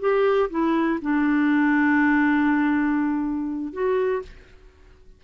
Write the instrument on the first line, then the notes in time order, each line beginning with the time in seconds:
clarinet
0.00 G4
0.50 E4
1.01 D4
3.73 F#4